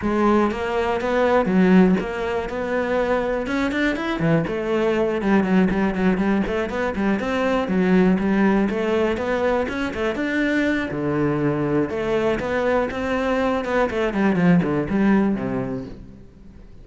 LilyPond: \new Staff \with { instrumentName = "cello" } { \time 4/4 \tempo 4 = 121 gis4 ais4 b4 fis4 | ais4 b2 cis'8 d'8 | e'8 e8 a4. g8 fis8 g8 | fis8 g8 a8 b8 g8 c'4 fis8~ |
fis8 g4 a4 b4 cis'8 | a8 d'4. d2 | a4 b4 c'4. b8 | a8 g8 f8 d8 g4 c4 | }